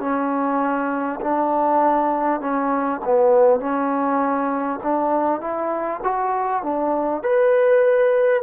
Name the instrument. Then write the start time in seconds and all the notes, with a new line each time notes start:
trombone
0.00 C#4
1.21 D4
2.41 C#4
3.05 B3
3.60 C#4
4.83 D4
5.41 E4
6.04 F#4
6.63 D4
7.23 B4